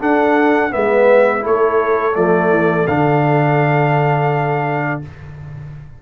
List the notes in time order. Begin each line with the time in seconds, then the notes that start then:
0.00 D4 A4 F#5
0.71 G#3 B3 B4 E5
1.41 A3 E4 A4 C#5
2.16 F3 A3 D5
2.51 E3
2.87 D3 D4 F5